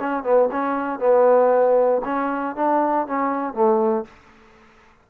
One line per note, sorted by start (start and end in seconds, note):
0.00 0.23 C#4
0.23 0.49 B3
0.52 0.99 C#4
0.99 2.02 B3
2.04 2.56 C#4
2.56 3.07 D4
3.07 3.54 C#4
3.54 4.05 A3